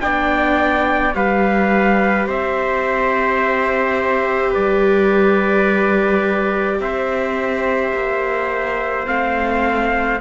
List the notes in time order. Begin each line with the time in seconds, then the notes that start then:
0.00 B3 D4 D5 G5
1.14 G3 G4 B4 F5
2.27 C4 C5 E5
4.50 G3 B4 D5
6.79 C4 C5 E5
7.93 A#3
9.05 A3 C4 F5